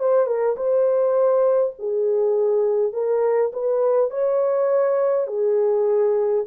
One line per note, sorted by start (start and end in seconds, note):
0.00 0.27 C5
0.27 0.56 A#4
0.57 1.74 C5
1.79 2.94 G#4
2.94 3.52 A#4
3.53 4.11 B4
4.11 5.28 C#5
5.28 6.45 G#4